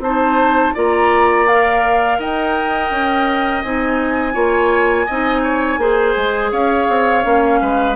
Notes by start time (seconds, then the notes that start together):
0.00 C4 D#4 C5 A5
0.75 A#3 F4 D5 A#5
1.48 A#4 F5
2.19 D#4 D#5 G5
2.91 C#4
3.63 C4 D#4 G#5
4.34 A#3 F4 C#5
5.06 C4 D#4 D#5
5.44 C#5
5.78 A#3 G#4 C5
6.17 G#3
6.52 C#4 C#5 F5
6.89 C4
7.23 A#3 C#4
7.62 G#3 B4